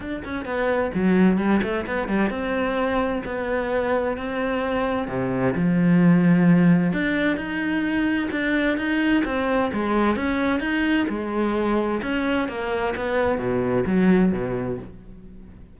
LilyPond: \new Staff \with { instrumentName = "cello" } { \time 4/4 \tempo 4 = 130 d'8 cis'8 b4 fis4 g8 a8 | b8 g8 c'2 b4~ | b4 c'2 c4 | f2. d'4 |
dis'2 d'4 dis'4 | c'4 gis4 cis'4 dis'4 | gis2 cis'4 ais4 | b4 b,4 fis4 b,4 | }